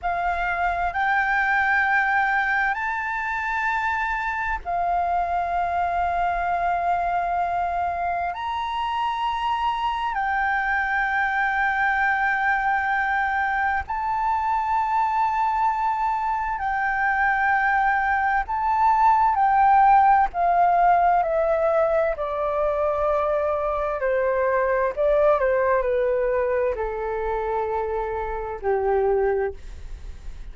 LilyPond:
\new Staff \with { instrumentName = "flute" } { \time 4/4 \tempo 4 = 65 f''4 g''2 a''4~ | a''4 f''2.~ | f''4 ais''2 g''4~ | g''2. a''4~ |
a''2 g''2 | a''4 g''4 f''4 e''4 | d''2 c''4 d''8 c''8 | b'4 a'2 g'4 | }